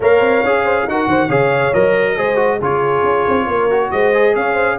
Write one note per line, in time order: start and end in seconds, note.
0.00 0.20 A#3
0.00 0.45 A#4
0.00 0.63 C#5
0.00 0.89 F5
0.20 0.42 C4
0.43 0.86 C#4
0.43 0.89 G#4
0.64 0.86 C5
0.87 1.07 D#4
0.87 1.29 F#4
0.87 1.09 A#4
0.87 1.30 F#5
1.07 1.28 D#3
1.07 1.28 C5
1.28 1.72 C#3
1.28 1.72 G#4
1.28 2.15 C#5
1.28 1.73 F5
1.73 2.17 F#3
1.73 2.17 A#4
1.73 2.60 D#5
2.17 2.61 G#3
2.17 2.35 G#4
2.17 2.58 C5
2.35 2.57 F#4
2.58 3.03 C#3
2.58 3.70 F4
2.58 3.45 G#4
2.58 3.91 C#5
3.03 3.24 C#4
3.28 3.47 C4
3.47 3.90 A#3
3.47 3.92 A#4
3.70 4.13 F#4
3.91 4.35 G#3
3.91 4.36 C5
3.91 4.34 D#5
4.13 4.78 G#4
4.35 4.78 C#4
4.35 4.53 C#5
4.35 4.78 F5
4.53 4.75 C5